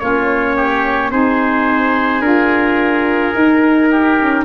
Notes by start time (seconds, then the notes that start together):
0.00 A#3 C#4 F4 C#5
0.57 G4
1.12 C4 D#4 G#4 C5
2.21 D4 F4 A#4
3.33 D#4
3.91 G4
4.19 C#4